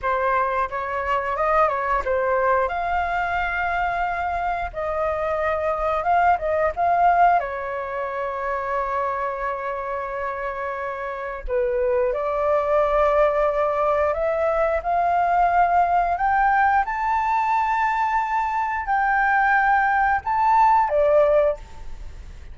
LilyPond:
\new Staff \with { instrumentName = "flute" } { \time 4/4 \tempo 4 = 89 c''4 cis''4 dis''8 cis''8 c''4 | f''2. dis''4~ | dis''4 f''8 dis''8 f''4 cis''4~ | cis''1~ |
cis''4 b'4 d''2~ | d''4 e''4 f''2 | g''4 a''2. | g''2 a''4 d''4 | }